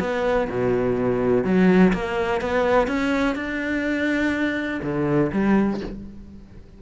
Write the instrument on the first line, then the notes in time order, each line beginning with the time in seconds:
cello
0.00 B3
0.50 B2
1.44 F#3
1.93 A#3
2.41 B3
2.87 C#4
3.35 D4
4.83 D3
5.32 G3